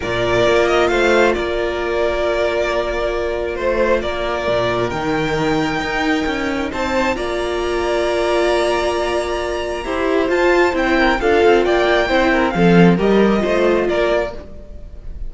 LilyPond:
<<
  \new Staff \with { instrumentName = "violin" } { \time 4/4 \tempo 4 = 134 d''4. dis''8 f''4 d''4~ | d''1 | c''4 d''2 g''4~ | g''2. a''4 |
ais''1~ | ais''2. a''4 | g''4 f''4 g''2 | f''4 dis''2 d''4 | }
  \new Staff \with { instrumentName = "violin" } { \time 4/4 ais'2 c''4 ais'4~ | ais'1 | c''4 ais'2.~ | ais'2. c''4 |
d''1~ | d''2 c''2~ | c''8 ais'8 a'4 d''4 c''8 ais'8 | a'4 ais'4 c''4 ais'4 | }
  \new Staff \with { instrumentName = "viola" } { \time 4/4 f'1~ | f'1~ | f'2. dis'4~ | dis'1 |
f'1~ | f'2 g'4 f'4 | e'4 f'2 e'4 | c'4 g'4 f'2 | }
  \new Staff \with { instrumentName = "cello" } { \time 4/4 ais,4 ais4 a4 ais4~ | ais1 | a4 ais4 ais,4 dis4~ | dis4 dis'4 cis'4 c'4 |
ais1~ | ais2 e'4 f'4 | c'4 d'8 c'8 ais4 c'4 | f4 g4 a4 ais4 | }
>>